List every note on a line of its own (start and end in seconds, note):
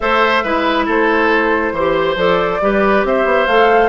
0.00 0.44 A3
0.00 0.44 A4
0.00 0.43 C5
0.00 0.86 E5
0.43 0.87 G#3
0.43 1.75 E4
0.43 0.85 B4
0.85 1.72 A3
0.85 1.72 A4
0.85 2.17 C5
1.72 2.15 E3
1.72 2.17 G4
1.72 2.61 C5
2.15 2.59 F3
2.15 2.60 A4
2.15 3.04 D5
2.61 3.04 G3
2.61 3.48 G4
2.61 3.06 B4
3.04 3.24 C4
3.04 3.89 C5
3.04 3.47 E5
3.24 3.46 B3
3.46 3.89 A3
3.46 3.89 A4
3.46 3.89 F5